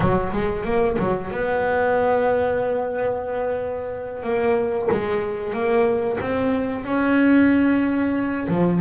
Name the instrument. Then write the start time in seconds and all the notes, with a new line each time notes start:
double bass
0.00 F#3
0.32 G#3
0.64 A#3
0.98 F#3
1.31 B3
4.23 A#3
4.91 G#3
5.53 A#3
6.20 C4
6.84 C#4
8.48 F3